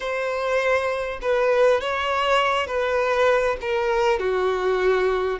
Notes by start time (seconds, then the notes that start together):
0.00 C5
1.21 B4
1.80 C#5
2.66 B4
3.61 A#4
4.19 F#4